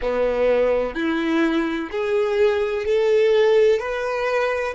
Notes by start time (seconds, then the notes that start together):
0.01 B3
0.94 E4
1.91 G#4
2.85 A4
3.79 B4